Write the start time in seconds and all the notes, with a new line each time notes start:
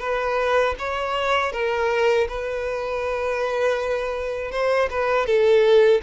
0.00 B4
0.78 C#5
1.52 A#4
2.28 B4
4.51 C5
4.90 B4
5.26 A4